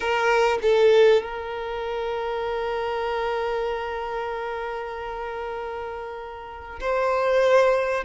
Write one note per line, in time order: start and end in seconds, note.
0.00 0.58 A#4
0.62 1.23 A4
1.23 6.79 A#4
6.80 8.04 C5